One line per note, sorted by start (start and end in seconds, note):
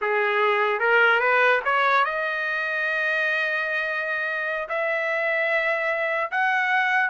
0.01 0.79 G#4
0.79 1.20 A#4
1.20 1.60 B4
1.64 2.04 C#5
2.04 4.68 D#5
4.68 6.30 E5
6.31 7.09 F#5